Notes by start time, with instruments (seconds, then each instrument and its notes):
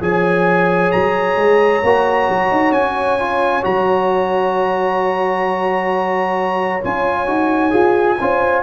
0.00 tuba F3, trombone G#4, horn C#5, trumpet G#5
0.91 tuba F#3, trumpet A#5
1.36 tuba G#3
1.83 tuba A#3, trombone F#4
2.29 tuba F#3
2.51 tuba D#4
2.71 tuba C#4, trumpet G#5
3.19 trombone F4
3.62 tuba F#3, trombone F#4, trumpet A#5
6.81 tuba C#4, trombone F4, trumpet G#5
7.26 tuba D#4, trombone F#4
7.70 tuba F4, trombone G#4
8.20 tuba C#4, trombone F4, horn C5